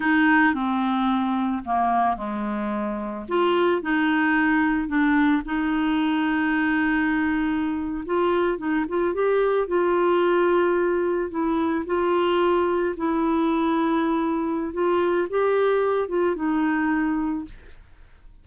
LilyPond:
\new Staff \with { instrumentName = "clarinet" } { \time 4/4 \tempo 4 = 110 dis'4 c'2 ais4 | gis2 f'4 dis'4~ | dis'4 d'4 dis'2~ | dis'2~ dis'8. f'4 dis'16~ |
dis'16 f'8 g'4 f'2~ f'16~ | f'8. e'4 f'2 e'16~ | e'2. f'4 | g'4. f'8 dis'2 | }